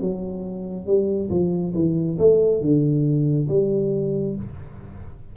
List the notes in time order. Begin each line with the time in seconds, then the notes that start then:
0.00 F#3
0.86 G3
1.30 F3
1.74 E3
2.18 A3
2.61 D3
3.48 G3